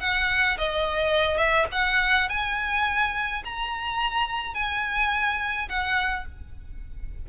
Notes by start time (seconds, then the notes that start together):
0.00 F#5
0.57 D#5
1.37 E5
1.71 F#5
2.28 G#5
3.44 A#5
4.54 G#5
5.68 F#5